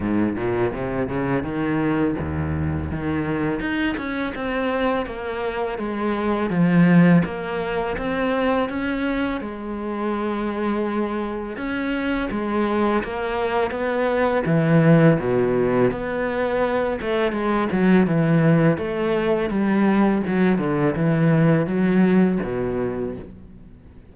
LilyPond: \new Staff \with { instrumentName = "cello" } { \time 4/4 \tempo 4 = 83 gis,8 ais,8 c8 cis8 dis4 dis,4 | dis4 dis'8 cis'8 c'4 ais4 | gis4 f4 ais4 c'4 | cis'4 gis2. |
cis'4 gis4 ais4 b4 | e4 b,4 b4. a8 | gis8 fis8 e4 a4 g4 | fis8 d8 e4 fis4 b,4 | }